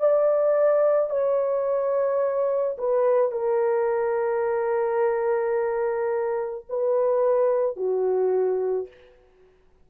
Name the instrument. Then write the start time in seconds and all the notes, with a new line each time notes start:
horn
0.00 D5
1.11 C#5
2.78 B4
3.32 A#4
6.70 B4
7.77 F#4